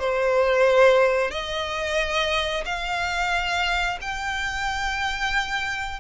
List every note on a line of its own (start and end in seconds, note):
0.00 1.31 C5
1.31 2.64 D#5
2.65 3.99 F5
4.02 6.00 G5